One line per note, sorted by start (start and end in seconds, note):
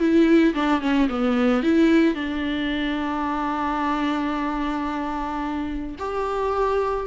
0.00 0.55 E4
0.55 0.82 D4
0.82 1.09 C#4
1.09 1.63 B3
1.63 2.15 E4
2.15 5.97 D4
5.99 7.07 G4